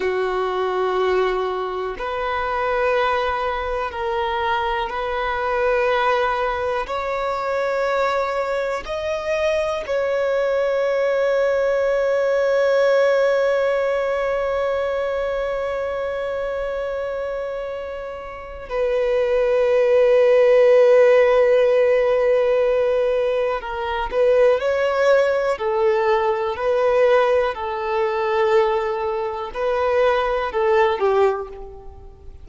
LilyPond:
\new Staff \with { instrumentName = "violin" } { \time 4/4 \tempo 4 = 61 fis'2 b'2 | ais'4 b'2 cis''4~ | cis''4 dis''4 cis''2~ | cis''1~ |
cis''2. b'4~ | b'1 | ais'8 b'8 cis''4 a'4 b'4 | a'2 b'4 a'8 g'8 | }